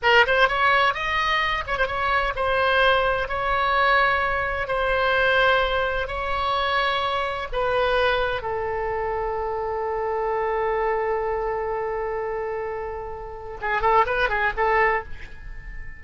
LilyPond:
\new Staff \with { instrumentName = "oboe" } { \time 4/4 \tempo 4 = 128 ais'8 c''8 cis''4 dis''4. cis''16 c''16 | cis''4 c''2 cis''4~ | cis''2 c''2~ | c''4 cis''2. |
b'2 a'2~ | a'1~ | a'1~ | a'4 gis'8 a'8 b'8 gis'8 a'4 | }